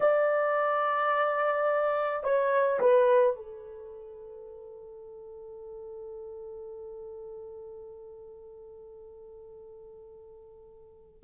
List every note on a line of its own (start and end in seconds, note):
0.00 2.23 D5
2.23 2.79 C#5
2.80 3.35 B4
3.35 11.20 A4